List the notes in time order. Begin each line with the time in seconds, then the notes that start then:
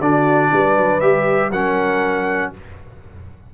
0.00 D3 D4 F#4 D5
0.52 G3 B4
0.78 F#3
1.01 G3 G4 E5
1.50 F#3 C#4 A#4 F#5